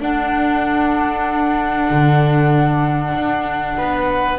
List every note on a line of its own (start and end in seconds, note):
0.00 1.89 D4
0.00 4.39 D4
0.00 3.77 A4
0.00 4.39 F#5
1.91 3.14 D3
3.14 3.77 D4
3.77 4.39 B3
3.77 4.39 B4